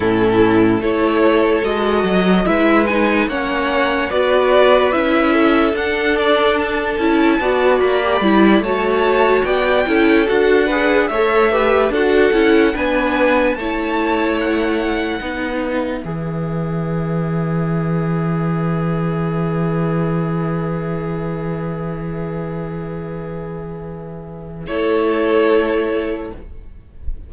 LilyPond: <<
  \new Staff \with { instrumentName = "violin" } { \time 4/4 \tempo 4 = 73 a'4 cis''4 dis''4 e''8 gis''8 | fis''4 d''4 e''4 fis''8 d''8 | a''4. b''4 a''4 g''8~ | g''8 fis''4 e''4 fis''4 gis''8~ |
gis''8 a''4 fis''4. e''4~ | e''1~ | e''1~ | e''2 cis''2 | }
  \new Staff \with { instrumentName = "violin" } { \time 4/4 e'4 a'2 b'4 | cis''4 b'4. a'4.~ | a'4 d''4. cis''4 d''8 | a'4 b'8 cis''8 b'8 a'4 b'8~ |
b'8 cis''2 b'4.~ | b'1~ | b'1~ | b'2 a'2 | }
  \new Staff \with { instrumentName = "viola" } { \time 4/4 cis'4 e'4 fis'4 e'8 dis'8 | cis'4 fis'4 e'4 d'4~ | d'8 e'8 fis'8. g'16 e'8 fis'4. | e'8 fis'8 gis'8 a'8 g'8 fis'8 e'8 d'8~ |
d'8 e'2 dis'4 gis'8~ | gis'1~ | gis'1~ | gis'2 e'2 | }
  \new Staff \with { instrumentName = "cello" } { \time 4/4 a,4 a4 gis8 fis8 gis4 | ais4 b4 cis'4 d'4~ | d'8 cis'8 b8 ais8 g8 a4 b8 | cis'8 d'4 a4 d'8 cis'8 b8~ |
b8 a2 b4 e8~ | e1~ | e1~ | e2 a2 | }
>>